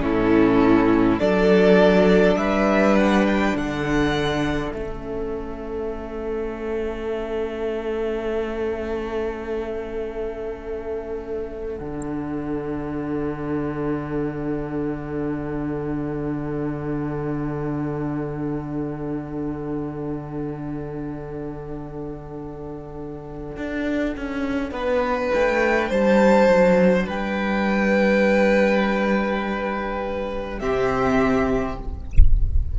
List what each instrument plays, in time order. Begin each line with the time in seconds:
0.00 cello A2, viola C#4, violin E4 A4
1.19 cello F#3, viola D4, violin A4 D5
2.35 cello G3, violin B4 E5
2.95 violin F#5
3.26 violin G5
3.55 cello D3, violin A4 F#5
4.71 cello A3, viola C#4, violin E5
11.77 cello D3, viola D4, violin F#5
23.56 cello D4
24.16 cello C#4
24.71 cello B3, violin B4
25.33 cello A3, violin G5
25.88 cello G3, violin C5 A5
26.48 cello F#3
27.06 cello G3, violin B4 G5
30.59 cello C3, viola C4, violin G4 E5